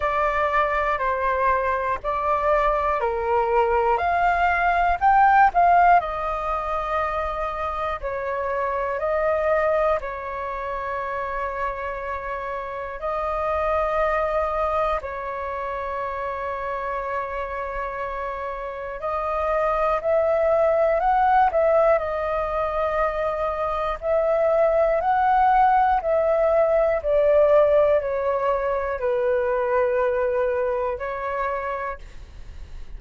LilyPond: \new Staff \with { instrumentName = "flute" } { \time 4/4 \tempo 4 = 60 d''4 c''4 d''4 ais'4 | f''4 g''8 f''8 dis''2 | cis''4 dis''4 cis''2~ | cis''4 dis''2 cis''4~ |
cis''2. dis''4 | e''4 fis''8 e''8 dis''2 | e''4 fis''4 e''4 d''4 | cis''4 b'2 cis''4 | }